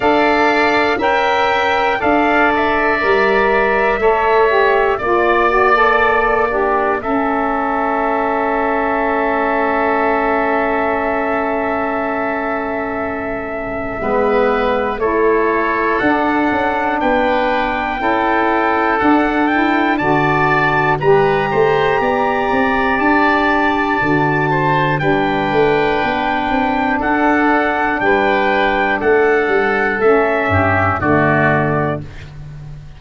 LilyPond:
<<
  \new Staff \with { instrumentName = "trumpet" } { \time 4/4 \tempo 4 = 60 f''4 g''4 f''8 e''4.~ | e''4 d''2 e''4~ | e''1~ | e''2. cis''4 |
fis''4 g''2 fis''8 g''8 | a''4 ais''2 a''4~ | a''4 g''2 fis''4 | g''4 fis''4 e''4 d''4 | }
  \new Staff \with { instrumentName = "oboe" } { \time 4/4 d''4 e''4 d''2 | cis''4 d''4. d'8 a'4~ | a'1~ | a'2 b'4 a'4~ |
a'4 b'4 a'2 | d''4 b'8 c''8 d''2~ | d''8 c''8 b'2 a'4 | b'4 a'4. g'8 fis'4 | }
  \new Staff \with { instrumentName = "saxophone" } { \time 4/4 a'4 ais'4 a'4 ais'4 | a'8 g'8 f'8 fis'16 a'8. g'8 cis'4~ | cis'1~ | cis'2 b4 e'4 |
d'2 e'4 d'8 e'8 | fis'4 g'2. | fis'4 d'2.~ | d'2 cis'4 a4 | }
  \new Staff \with { instrumentName = "tuba" } { \time 4/4 d'4 cis'4 d'4 g4 | a4 ais2 a4~ | a1~ | a2 gis4 a4 |
d'8 cis'8 b4 cis'4 d'4 | d4 g8 a8 b8 c'8 d'4 | d4 g8 a8 b8 c'8 d'4 | g4 a8 g8 a8 g,8 d4 | }
>>